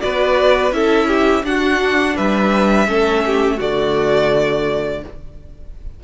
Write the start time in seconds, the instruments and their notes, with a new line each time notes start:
0.00 cello B3, viola F#4, violin B4 D5
0.72 cello C#4, viola E4, violin A4 E5
1.08 violin G4
1.44 cello D4, viola D4, violin F#4 F#5
2.16 cello G3, violin B4 E5
2.87 cello A3, viola C#4, violin A4
3.26 violin G4
3.57 cello D3, viola A3, violin F#4 D5